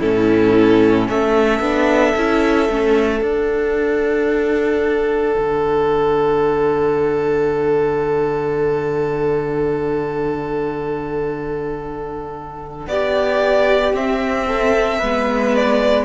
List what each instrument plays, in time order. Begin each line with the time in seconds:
0.00 cello A2, viola C#4, violin E4 A4
1.10 cello A3, violin A4 E5
1.60 cello B3, viola D4
2.16 cello C#4, viola E4
2.69 cello A3, viola C#4
3.21 viola D4, cello D4, violin F#5
5.38 cello D3
12.87 cello B3, violin G4 D5
13.94 cello C4, viola C4, violin E5
14.47 violin A4
14.98 cello G#3, viola B3, violin B4
15.56 violin D5